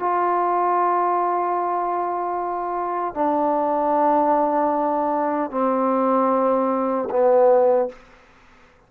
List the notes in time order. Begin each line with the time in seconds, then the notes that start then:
0.00 F4
3.15 D4
5.51 C4
7.10 B3